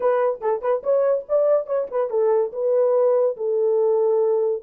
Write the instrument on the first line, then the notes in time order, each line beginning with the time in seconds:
horn
0.00 B4
0.40 A4
0.61 B4
0.83 C#5
1.29 D5
1.66 C#5
1.90 B4
2.10 A4
2.52 B4
3.36 A4